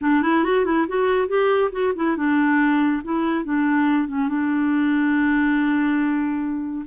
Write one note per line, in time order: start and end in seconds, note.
0.01 0.22 D4
0.22 0.44 E4
0.44 0.65 F#4
0.65 0.86 E4
0.87 1.28 F#4
1.28 1.70 G4
1.71 1.93 F#4
1.95 2.16 E4
2.16 3.02 D4
3.03 3.44 E4
3.44 4.08 D4
4.08 4.28 C#4
4.28 6.85 D4